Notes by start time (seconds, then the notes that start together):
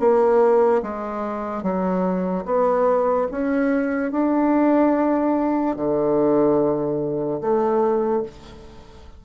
0.00 A#3
0.83 G#3
1.63 F#3
2.45 B3
3.31 C#4
4.12 D4
5.76 D3
7.41 A3